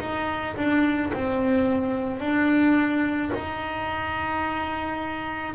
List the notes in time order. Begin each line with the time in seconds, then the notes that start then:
0.00 D#4
0.56 D4
1.13 C4
2.20 D4
3.34 D#4